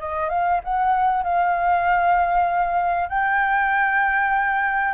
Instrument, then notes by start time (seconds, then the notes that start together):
flute
0.00 D#5
0.30 F5
0.64 F#5
1.24 F5
3.09 G5